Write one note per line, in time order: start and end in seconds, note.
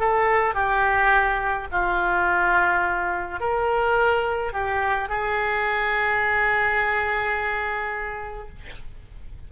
0.00 0.55 A4
0.55 1.68 G4
1.71 3.40 F4
3.40 4.53 A#4
4.53 5.09 G4
5.09 8.49 G#4